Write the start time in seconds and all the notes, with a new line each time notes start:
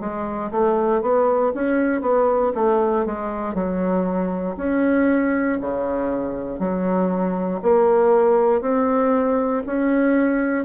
0.00 G#3
0.51 A3
1.02 B3
1.54 C#4
2.02 B3
2.55 A3
3.06 G#3
3.55 F#3
4.57 C#4
5.61 C#3
6.60 F#3
7.62 A#3
8.61 C4
9.67 C#4